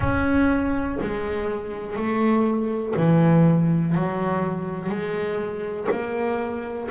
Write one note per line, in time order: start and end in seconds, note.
0.00 0.98 C#4
1.01 1.95 G#3
1.95 2.94 A3
2.96 3.94 E3
3.94 4.89 F#3
4.89 5.87 G#3
5.91 6.89 A#3